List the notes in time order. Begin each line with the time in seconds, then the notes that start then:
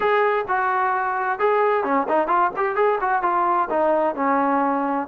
0.00 G#4
0.48 F#4
1.39 G#4
1.83 C#4
2.08 D#4
2.27 F4
2.56 G4
2.75 G#4
3.00 F#4
3.22 F4
3.70 D#4
4.15 C#4